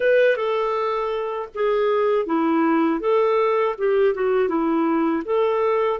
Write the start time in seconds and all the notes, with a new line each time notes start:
0.00 B4
0.36 A4
1.54 G#4
2.26 E4
3.00 A4
3.78 G4
4.14 F#4
4.48 E4
5.24 A4